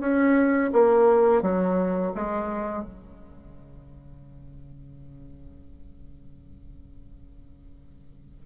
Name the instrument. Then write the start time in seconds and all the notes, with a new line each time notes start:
bassoon
0.00 C#4
0.73 A#3
1.41 F#3
2.14 G#3
2.83 C#3